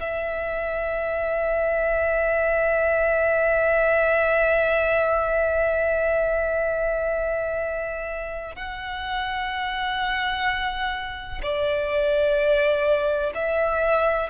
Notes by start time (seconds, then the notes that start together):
0.00 E5
8.56 F#5
11.43 D5
13.35 E5